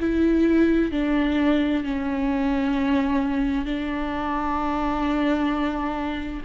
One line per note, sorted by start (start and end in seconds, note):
0.00 0.92 E4
0.92 1.84 D4
1.84 3.66 C#4
3.66 6.43 D4